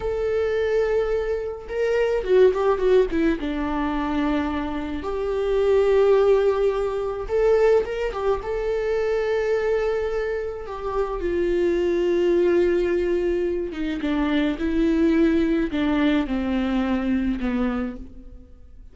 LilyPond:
\new Staff \with { instrumentName = "viola" } { \time 4/4 \tempo 4 = 107 a'2. ais'4 | fis'8 g'8 fis'8 e'8 d'2~ | d'4 g'2.~ | g'4 a'4 ais'8 g'8 a'4~ |
a'2. g'4 | f'1~ | f'8 dis'8 d'4 e'2 | d'4 c'2 b4 | }